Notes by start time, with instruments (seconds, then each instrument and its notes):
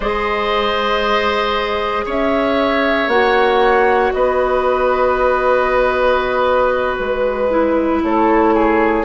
0.00 bassoon G#3, clarinet G#4, oboe C5, flute D#5
2.05 bassoon C#4, oboe C#5, flute E5
3.07 bassoon A#3, clarinet F#4, flute F#5
4.12 bassoon B3, oboe B4, flute D#5
6.97 bassoon G#3, flute B4
7.50 clarinet E4
8.02 bassoon A3, oboe A4, flute C#5
8.54 oboe G#4